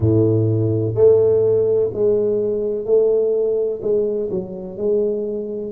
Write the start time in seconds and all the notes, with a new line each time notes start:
0.00 A2
0.94 A3
1.93 G#3
2.85 A3
3.82 G#3
4.31 F#3
4.77 G#3